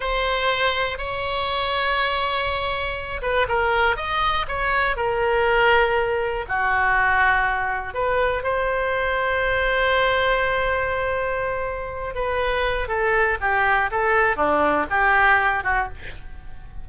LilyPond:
\new Staff \with { instrumentName = "oboe" } { \time 4/4 \tempo 4 = 121 c''2 cis''2~ | cis''2~ cis''8 b'8 ais'4 | dis''4 cis''4 ais'2~ | ais'4 fis'2. |
b'4 c''2.~ | c''1~ | c''8 b'4. a'4 g'4 | a'4 d'4 g'4. fis'8 | }